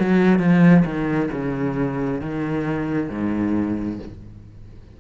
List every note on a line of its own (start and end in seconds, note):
0.00 0.39 F#3
0.39 0.84 F3
0.85 1.30 D#3
1.31 2.21 C#3
2.21 3.10 D#3
3.10 3.99 G#2